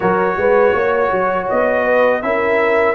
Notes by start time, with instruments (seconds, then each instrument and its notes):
0.00 tuba F#3, trombone F#4, horn A#4, trumpet C#5
0.36 tuba G#3, horn B4
0.74 tuba A#3, horn C#5
1.11 tuba F#3
1.49 tuba B3, trumpet D#5
1.84 horn B4
2.21 tuba C#4, trombone E4, horn A#4, trumpet E5